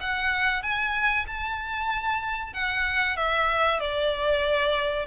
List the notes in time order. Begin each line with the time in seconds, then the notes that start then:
0.00 F#5
0.62 G#5
1.27 A5
2.53 F#5
3.16 E5
3.80 D5